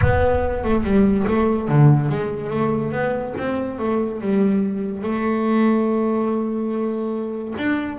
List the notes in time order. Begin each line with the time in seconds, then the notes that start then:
0.01 B3
0.64 A3
0.83 G3
1.27 A3
1.68 D3
2.09 G#3
2.50 A3
2.92 B3
3.37 C4
3.78 A3
4.21 G3
5.02 A3
7.57 D4